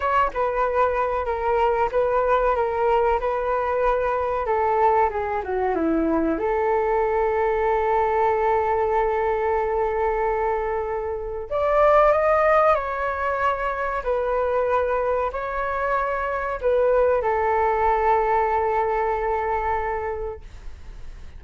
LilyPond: \new Staff \with { instrumentName = "flute" } { \time 4/4 \tempo 4 = 94 cis''8 b'4. ais'4 b'4 | ais'4 b'2 a'4 | gis'8 fis'8 e'4 a'2~ | a'1~ |
a'2 d''4 dis''4 | cis''2 b'2 | cis''2 b'4 a'4~ | a'1 | }